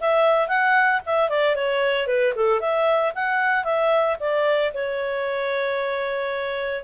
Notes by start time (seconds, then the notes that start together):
0.00 E5
0.48 F#5
1.06 E5
1.29 D5
1.55 C#5
2.07 B4
2.35 A4
2.60 E5
3.15 F#5
3.64 E5
4.20 D5
4.74 C#5